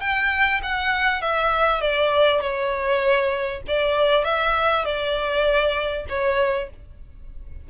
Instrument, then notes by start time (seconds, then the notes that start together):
violin
0.00 G5
0.62 F#5
1.21 E5
1.81 D5
2.40 C#5
3.67 D5
4.24 E5
4.85 D5
6.09 C#5